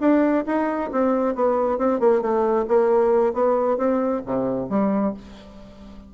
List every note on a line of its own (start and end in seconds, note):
0.00 0.44 D4
0.46 0.90 D#4
0.92 1.35 C4
1.35 1.78 B3
1.78 2.00 C4
2.00 2.21 A#3
2.21 2.66 A3
2.68 3.33 A#3
3.33 3.77 B3
3.77 4.22 C4
4.25 4.69 C3
4.69 5.14 G3